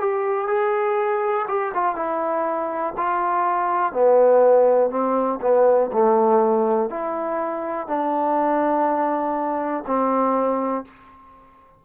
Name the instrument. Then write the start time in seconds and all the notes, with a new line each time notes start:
trombone
0.00 G4
0.48 G#4
1.48 G4
1.74 F4
1.95 E4
2.97 F4
3.93 B3
4.91 C4
5.42 B3
5.93 A3
6.90 E4
7.88 D4
9.87 C4